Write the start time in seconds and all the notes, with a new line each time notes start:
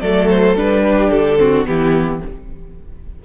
0.00 F#3 A3 A4 D5
0.29 C5
0.55 G3 D4 B4
0.83 G4
1.10 D3 A4
1.38 C4 F#4
1.65 E3 B3 E4 G4